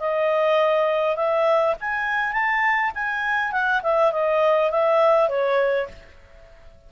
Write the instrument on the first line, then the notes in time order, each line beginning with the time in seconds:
clarinet
0.00 D#5
1.16 E5
1.81 G#5
2.33 A5
2.95 G#5
3.52 F#5
3.83 E5
4.12 D#5
4.71 E5
5.29 C#5